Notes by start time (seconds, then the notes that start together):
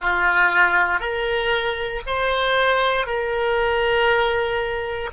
0.00 F4
0.99 A#4
2.06 C5
3.06 A#4